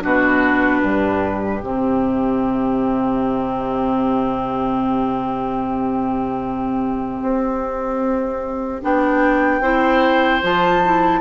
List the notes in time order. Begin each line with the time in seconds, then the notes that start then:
0.00 B2 D4 F#4 B4
0.82 G2 G4
1.62 C3 C4 E5
7.22 C4
8.82 B3 D4 G5
9.61 C4 E4 C5
10.42 F3 F4 A5
10.85 E4